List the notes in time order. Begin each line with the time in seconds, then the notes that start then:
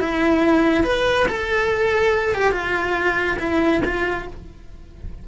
0.00 E4
0.84 B4
1.29 A4
2.35 G4
2.52 F4
3.39 E4
3.85 F4